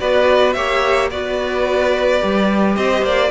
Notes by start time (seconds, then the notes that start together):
0.00 B3 F#4 B4 D5
0.53 A#3 G4 C#5 E5
1.11 B3 F#4 B4 D5
2.20 G3 G4
2.76 C4 C5 D#5
3.02 A#3 D5